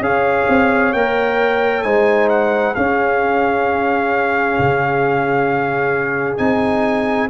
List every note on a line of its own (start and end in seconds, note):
0.00 0.45 C#4
0.00 0.94 G#4
0.00 1.85 C#5
0.00 0.93 F5
0.49 0.94 C4
0.93 1.84 A#3
0.93 1.85 A#4
0.93 1.83 G5
1.83 2.75 G#3
1.83 2.76 D#4
1.83 2.75 C5
1.83 2.28 G#5
2.29 2.75 F#5
2.75 4.59 C#4
2.75 6.38 C#4
2.75 7.29 G#4
2.75 6.37 F5
4.59 6.39 C#3
6.37 7.30 C4
6.37 7.29 D#4
6.37 7.28 G#5